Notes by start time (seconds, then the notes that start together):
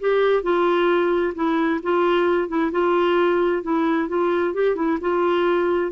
0.00 G4
0.43 F4
1.35 E4
1.82 F4
2.48 E4
2.71 F4
3.63 E4
4.08 F4
4.54 G4
4.76 E4
5.00 F4